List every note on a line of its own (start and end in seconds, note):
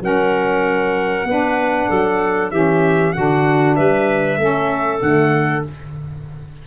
0.00 1.24 F#3
0.00 1.25 C#4
0.00 1.29 A#4
0.00 2.51 F#5
1.24 1.87 B3
1.24 2.52 D4
1.24 1.89 B4
1.89 2.52 F#3
1.89 2.52 A4
2.51 3.14 E3
2.51 3.14 C#4
2.51 3.14 G4
2.51 3.13 E5
3.13 3.78 D3
3.13 4.38 D4
3.13 3.76 F#4
3.13 3.75 F#5
3.76 4.38 G3
3.76 4.38 B4
3.76 5.01 E5
4.38 5.00 A3
4.38 5.00 C#4
4.38 5.67 A4
5.00 5.65 D3
5.00 5.62 A3
5.00 5.64 F#5